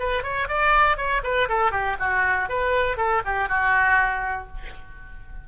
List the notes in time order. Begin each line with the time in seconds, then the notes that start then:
0.00 B4
0.23 C#5
0.49 D5
0.97 C#5
1.24 B4
1.49 A4
1.72 G4
2.00 F#4
2.49 B4
2.97 A4
3.25 G4
3.49 F#4